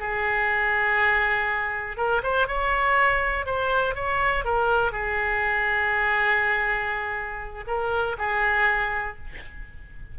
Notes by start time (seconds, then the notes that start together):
0.00 G#4
1.97 A#4
2.23 C5
2.48 C#5
3.46 C5
3.95 C#5
4.45 A#4
4.92 G#4
7.67 A#4
8.18 G#4